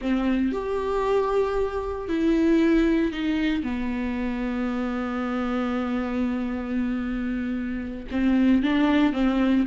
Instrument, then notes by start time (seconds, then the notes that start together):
viola
0.01 C4
0.51 G4
2.08 E4
3.11 D#4
3.63 B3
8.11 C4
8.62 D4
9.13 C4